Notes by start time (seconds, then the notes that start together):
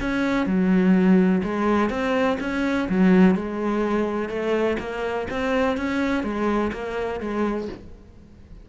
0.00 C#4
0.46 F#3
1.44 G#3
1.90 C4
2.40 C#4
2.89 F#3
3.35 G#3
4.29 A3
4.79 A#3
5.30 C4
5.77 C#4
6.23 G#3
6.72 A#3
7.20 G#3